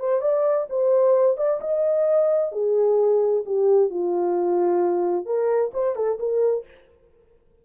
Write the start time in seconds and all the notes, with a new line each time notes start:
0.00 C5
0.22 D5
0.70 C5
1.38 D5
1.62 D#5
2.52 G#4
3.46 G4
3.91 F4
5.26 A#4
5.74 C5
5.96 A4
6.20 A#4